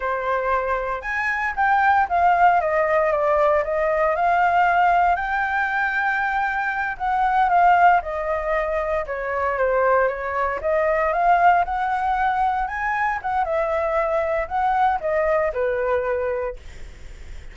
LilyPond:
\new Staff \with { instrumentName = "flute" } { \time 4/4 \tempo 4 = 116 c''2 gis''4 g''4 | f''4 dis''4 d''4 dis''4 | f''2 g''2~ | g''4. fis''4 f''4 dis''8~ |
dis''4. cis''4 c''4 cis''8~ | cis''8 dis''4 f''4 fis''4.~ | fis''8 gis''4 fis''8 e''2 | fis''4 dis''4 b'2 | }